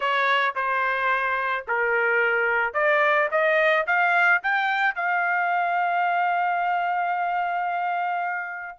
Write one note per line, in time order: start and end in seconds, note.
0.00 0.55 C#5
0.55 1.65 C5
1.67 2.73 A#4
2.73 3.28 D5
3.31 3.86 D#5
3.86 4.41 F5
4.42 4.95 G5
4.95 8.78 F5